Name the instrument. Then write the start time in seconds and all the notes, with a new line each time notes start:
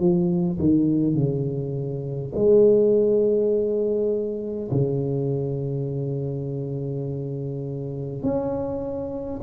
tuba
0.00 F3
0.59 D#3
1.15 C#3
2.35 G#3
4.72 C#3
8.23 C#4